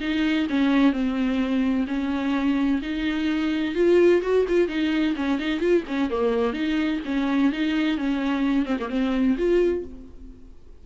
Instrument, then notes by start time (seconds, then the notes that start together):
viola
0.00 D#4
0.49 C#4
0.92 C4
1.87 C#4
2.82 D#4
3.75 F4
4.22 F#4
4.48 F4
4.68 D#4
5.16 C#4
5.39 D#4
5.60 F4
5.87 C#4
6.10 A#3
6.53 D#4
7.05 C#4
7.52 D#4
7.97 C#4
8.65 C4
8.80 A#3
8.89 C4
9.37 F4